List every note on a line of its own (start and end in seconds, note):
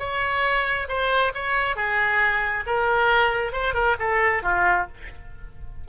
0.00 0.88 C#5
0.89 1.33 C5
1.35 1.76 C#5
1.76 2.65 G#4
2.67 3.53 A#4
3.53 3.75 C5
3.75 3.97 A#4
4.00 4.44 A4
4.44 4.88 F4